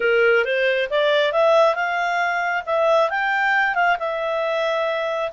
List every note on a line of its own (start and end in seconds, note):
0.00 0.44 A#4
0.44 0.88 C5
0.89 1.32 D5
1.32 1.75 E5
1.75 2.63 F5
2.65 3.09 E5
3.10 3.74 G5
3.74 3.96 F5
3.99 5.31 E5